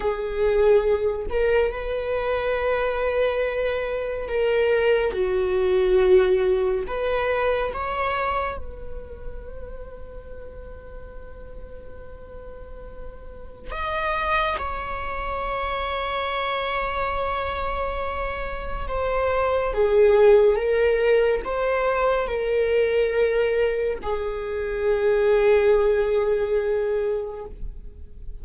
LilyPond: \new Staff \with { instrumentName = "viola" } { \time 4/4 \tempo 4 = 70 gis'4. ais'8 b'2~ | b'4 ais'4 fis'2 | b'4 cis''4 b'2~ | b'1 |
dis''4 cis''2.~ | cis''2 c''4 gis'4 | ais'4 c''4 ais'2 | gis'1 | }